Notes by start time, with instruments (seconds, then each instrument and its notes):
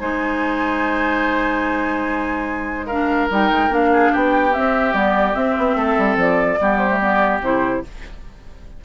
0.00 bassoon G#3, clarinet D#4, oboe C5, flute G#5
2.86 clarinet D4, oboe A#4, flute F5
3.30 bassoon G3, clarinet D#4, flute G5
3.51 bassoon G#3
3.69 bassoon A#3, clarinet D4, flute F5
3.93 oboe G#4
4.12 bassoon B3, oboe G4, flute G5
4.53 clarinet C4, bassoon C4, flute E5
4.92 bassoon G3, clarinet B3, flute D5
5.34 clarinet C4, bassoon C4, flute E5
5.58 bassoon B3
5.75 bassoon A3, oboe A4
5.98 bassoon G3
6.16 bassoon F3, flute D5
6.60 bassoon G3, clarinet B3, oboe G4
6.78 flute C5
6.89 clarinet A3
6.99 clarinet B3, flute D5
7.40 bassoon C3, clarinet E4, flute C5